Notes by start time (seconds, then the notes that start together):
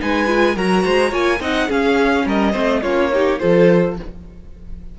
0.00 G#3 D#4 B4 G#5
0.26 F4
0.55 F#3 F#4 A#4 A#5
0.84 G#3 C5
1.09 A#3 F4 C#5 G#5
1.40 C4 D#4 D#5 F#5
1.67 C#4 G#4 F5
2.25 G3 A#4 D#5
2.52 A3 C4 C5
2.81 A#3 C#4 F4 C#5
3.12 D#4 G4
3.38 F3 F4 A4 C5